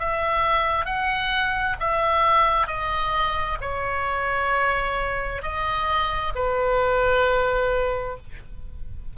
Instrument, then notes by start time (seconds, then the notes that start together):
oboe
0.00 E5
0.86 F#5
1.80 E5
2.67 D#5
3.61 C#5
5.43 D#5
6.36 B4